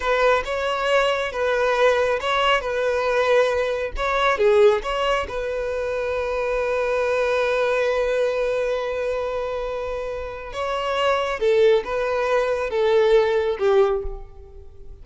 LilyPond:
\new Staff \with { instrumentName = "violin" } { \time 4/4 \tempo 4 = 137 b'4 cis''2 b'4~ | b'4 cis''4 b'2~ | b'4 cis''4 gis'4 cis''4 | b'1~ |
b'1~ | b'1 | cis''2 a'4 b'4~ | b'4 a'2 g'4 | }